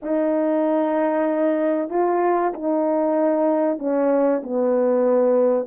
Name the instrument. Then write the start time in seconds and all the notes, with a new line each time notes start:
horn
0.02 D#4
1.89 F4
2.53 D#4
3.78 C#4
4.43 B3